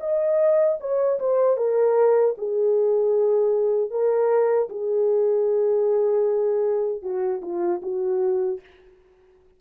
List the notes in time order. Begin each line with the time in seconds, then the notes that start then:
0.00 D#5
0.80 C#5
1.19 C5
1.57 A#4
2.38 G#4
3.90 A#4
4.69 G#4
7.02 F#4
7.42 F4
7.82 F#4